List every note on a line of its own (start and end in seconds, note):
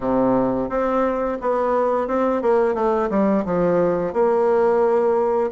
0.00 0.69 C3
0.69 1.38 C4
1.41 2.07 B3
2.07 2.41 C4
2.42 2.74 A#3
2.74 3.08 A3
3.09 3.44 G3
3.45 4.13 F3
4.13 5.50 A#3